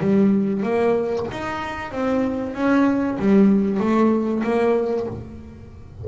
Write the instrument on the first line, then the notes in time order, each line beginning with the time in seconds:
double bass
0.00 G3
0.63 A#3
1.31 D#4
1.91 C4
2.54 C#4
3.19 G3
3.79 A3
4.43 A#3